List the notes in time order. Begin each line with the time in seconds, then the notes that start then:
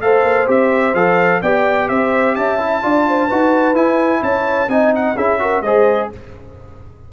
0.00 A3 A4 C5 F5
0.23 A#3
0.46 C4 G4 E5
0.94 F3 A4 F5
1.42 B3 G4 D5 G5
1.88 C4 C5 E5
2.35 C#4 E5 A5
2.58 E4
2.82 D4 F4 D5
3.08 C5
3.27 D#4 F#4 B4
3.74 E4 G#5
4.22 C#4 C#5 A5
4.68 C4 D#4 D#5 G#5
4.95 F#5
5.15 C#4 E4 G#4 E5
5.39 F#4 A#4
5.61 G#3 G#4 C5 D#5